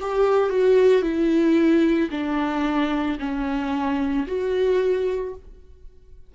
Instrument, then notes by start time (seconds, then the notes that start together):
viola
0.00 G4
0.49 F#4
1.02 E4
2.11 D4
3.19 C#4
4.27 F#4